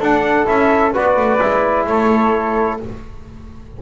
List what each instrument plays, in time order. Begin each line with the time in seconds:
0.00 double bass D4, trombone D4, flute A4, trumpet F#5
0.46 double bass C#4, trombone E4, trumpet E5
0.93 double bass B3, trombone F#4, flute B4, trumpet D5
1.17 double bass A3
1.41 double bass G#3, trombone E4
1.87 double bass A3, flute A4, trumpet C#5